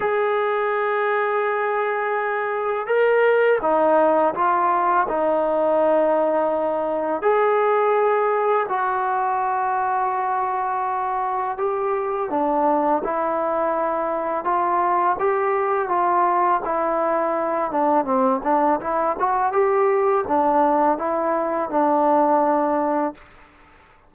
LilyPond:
\new Staff \with { instrumentName = "trombone" } { \time 4/4 \tempo 4 = 83 gis'1 | ais'4 dis'4 f'4 dis'4~ | dis'2 gis'2 | fis'1 |
g'4 d'4 e'2 | f'4 g'4 f'4 e'4~ | e'8 d'8 c'8 d'8 e'8 fis'8 g'4 | d'4 e'4 d'2 | }